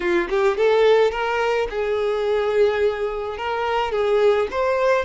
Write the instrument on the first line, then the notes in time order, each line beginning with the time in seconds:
violin
0.00 F4
0.29 G4
0.57 A4
1.11 A#4
1.69 G#4
3.37 A#4
3.91 G#4
4.51 C5